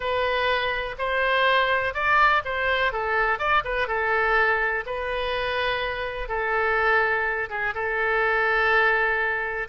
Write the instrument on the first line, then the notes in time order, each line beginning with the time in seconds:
oboe
0.00 B4
0.98 C5
1.94 D5
2.44 C5
2.92 A4
3.38 D5
3.64 B4
3.87 A4
4.86 B4
6.28 A4
7.49 G#4
7.74 A4